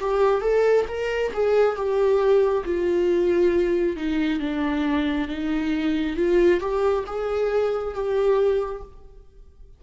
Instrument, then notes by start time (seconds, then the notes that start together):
viola
0.00 G4
0.41 A4
0.88 A#4
1.33 G#4
1.76 G4
2.65 F4
3.96 D#4
4.40 D4
5.28 D#4
6.16 F4
6.60 G4
7.07 G#4
7.94 G4